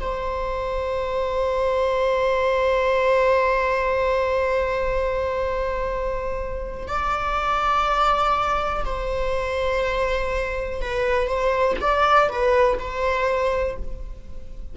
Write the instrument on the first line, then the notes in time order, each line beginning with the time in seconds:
viola
0.00 C5
6.87 D5
8.85 C5
10.81 B4
11.27 C5
11.80 D5
12.28 B4
12.78 C5